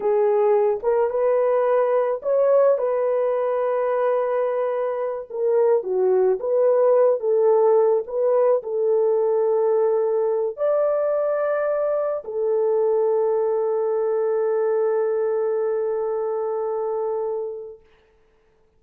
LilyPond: \new Staff \with { instrumentName = "horn" } { \time 4/4 \tempo 4 = 108 gis'4. ais'8 b'2 | cis''4 b'2.~ | b'4. ais'4 fis'4 b'8~ | b'4 a'4. b'4 a'8~ |
a'2. d''4~ | d''2 a'2~ | a'1~ | a'1 | }